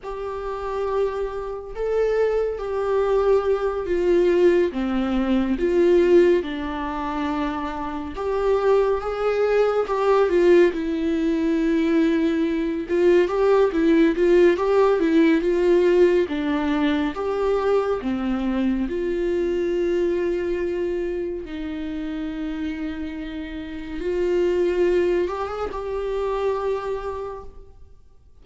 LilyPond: \new Staff \with { instrumentName = "viola" } { \time 4/4 \tempo 4 = 70 g'2 a'4 g'4~ | g'8 f'4 c'4 f'4 d'8~ | d'4. g'4 gis'4 g'8 | f'8 e'2~ e'8 f'8 g'8 |
e'8 f'8 g'8 e'8 f'4 d'4 | g'4 c'4 f'2~ | f'4 dis'2. | f'4. g'16 gis'16 g'2 | }